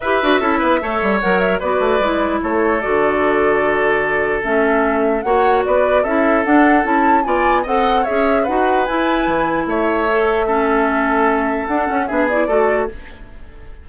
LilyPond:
<<
  \new Staff \with { instrumentName = "flute" } { \time 4/4 \tempo 4 = 149 e''2. fis''8 e''8 | d''2 cis''4 d''4~ | d''2. e''4~ | e''4 fis''4 d''4 e''4 |
fis''4 a''4 gis''4 fis''4 | e''4 fis''4 gis''2 | e''1~ | e''4 fis''4 e''8 d''4. | }
  \new Staff \with { instrumentName = "oboe" } { \time 4/4 b'4 a'8 b'8 cis''2 | b'2 a'2~ | a'1~ | a'4 cis''4 b'4 a'4~ |
a'2 d''4 dis''4 | cis''4 b'2. | cis''2 a'2~ | a'2 gis'4 a'4 | }
  \new Staff \with { instrumentName = "clarinet" } { \time 4/4 g'8 fis'8 e'4 a'4 ais'4 | fis'4 e'2 fis'4~ | fis'2. cis'4~ | cis'4 fis'2 e'4 |
d'4 e'4 f'4 a'4 | gis'4 fis'4 e'2~ | e'4 a'4 cis'2~ | cis'4 d'8 cis'8 d'8 e'8 fis'4 | }
  \new Staff \with { instrumentName = "bassoon" } { \time 4/4 e'8 d'8 cis'8 b8 a8 g8 fis4 | b8 a8 gis4 a4 d4~ | d2. a4~ | a4 ais4 b4 cis'4 |
d'4 cis'4 b4 c'4 | cis'4 dis'4 e'4 e4 | a1~ | a4 d'8 cis'8 b4 a4 | }
>>